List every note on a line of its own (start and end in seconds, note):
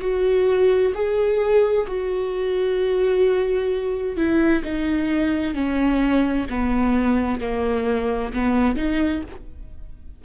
0.00 0.92 F#4
0.94 1.86 G#4
1.87 4.16 F#4
4.16 4.62 E4
4.64 5.54 D#4
5.54 6.46 C#4
6.50 7.40 B3
7.40 8.32 A#3
8.33 8.76 B3
8.76 9.22 D#4